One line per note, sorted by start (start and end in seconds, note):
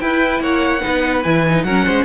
0.00 0.81 E4
0.00 0.40 E4
0.00 0.43 B4
0.00 0.41 G5
0.40 0.81 A#3
0.40 0.82 C#5
0.40 1.23 F#5
0.81 1.22 D#4
0.81 1.65 B4
0.88 1.26 B3
1.23 1.65 E3
1.23 1.46 E4
1.23 1.64 G#5
1.49 1.67 D#4
1.64 1.85 F#3
1.64 2.05 C#4
1.64 1.85 A#4
1.64 2.05 F#5
1.85 2.05 G#3
1.85 2.05 C5